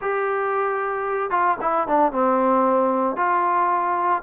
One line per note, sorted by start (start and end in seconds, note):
0.01 1.30 G4
1.30 1.57 F4
1.61 1.87 E4
1.87 2.12 D4
2.12 3.16 C4
3.16 4.22 F4